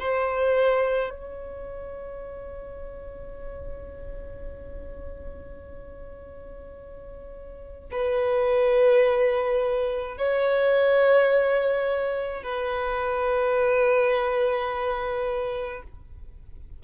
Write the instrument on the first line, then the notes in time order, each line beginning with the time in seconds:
violin
0.00 C5
1.11 C#5
7.91 B4
10.18 C#5
12.44 B4